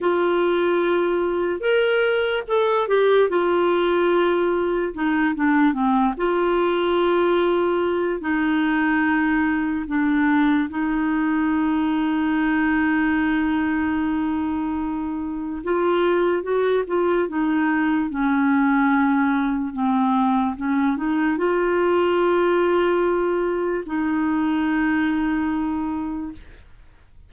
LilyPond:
\new Staff \with { instrumentName = "clarinet" } { \time 4/4 \tempo 4 = 73 f'2 ais'4 a'8 g'8 | f'2 dis'8 d'8 c'8 f'8~ | f'2 dis'2 | d'4 dis'2.~ |
dis'2. f'4 | fis'8 f'8 dis'4 cis'2 | c'4 cis'8 dis'8 f'2~ | f'4 dis'2. | }